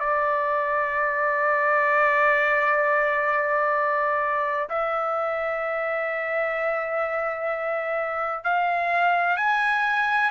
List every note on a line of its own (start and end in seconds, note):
0.00 4.69 D5
4.69 8.44 E5
8.44 9.37 F5
9.37 10.30 G#5